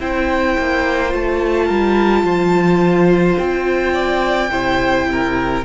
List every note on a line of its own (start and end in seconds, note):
0.00 0.57 C4
0.00 1.09 E4
0.00 1.66 C5
0.00 1.14 G5
0.58 1.14 A#3
1.09 1.70 A3
1.09 4.49 F4
1.09 3.38 A5
1.66 2.24 G3
1.66 2.22 A#4
2.24 3.37 F3
2.24 3.94 C5
3.38 4.50 C4
3.38 5.65 G5
3.94 4.50 D5
4.50 5.63 C3
4.50 5.65 E4
4.50 5.08 C5
5.12 5.65 A#4